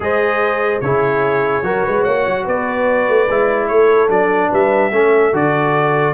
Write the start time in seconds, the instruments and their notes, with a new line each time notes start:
0.00 tuba G#3, trombone G#4, horn C5, trumpet D#5
0.81 tuba C#3, trombone E4, horn G#4, trumpet C#5
1.62 tuba F#3, trombone F#4, horn A#4
1.84 tuba G#3, horn B4
2.02 tuba A#3, horn C#5, trumpet F#5
2.26 tuba F#3
2.45 tuba B3, horn B4, trumpet D5
3.08 tuba A3
3.29 tuba G#3, trombone E4
3.67 tuba A3, horn A4, trumpet C#5
4.09 tuba F#3, trombone D4, trumpet D5
4.49 tuba G3, horn B4, trumpet E5
4.91 tuba A3, trombone C#4, horn A4
5.32 tuba D3, trombone F#4, trumpet D5